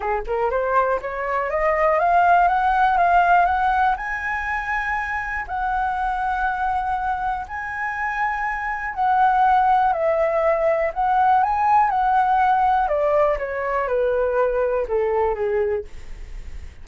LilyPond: \new Staff \with { instrumentName = "flute" } { \time 4/4 \tempo 4 = 121 gis'8 ais'8 c''4 cis''4 dis''4 | f''4 fis''4 f''4 fis''4 | gis''2. fis''4~ | fis''2. gis''4~ |
gis''2 fis''2 | e''2 fis''4 gis''4 | fis''2 d''4 cis''4 | b'2 a'4 gis'4 | }